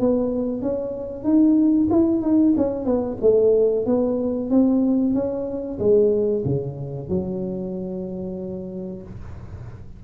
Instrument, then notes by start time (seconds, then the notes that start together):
tuba
0.00 B3
0.62 C#4
1.24 D#4
1.91 E4
2.22 D#4
2.57 C#4
2.85 B3
3.22 A3
3.86 B3
4.50 C4
5.14 C#4
5.79 G#3
6.45 C#3
7.09 F#3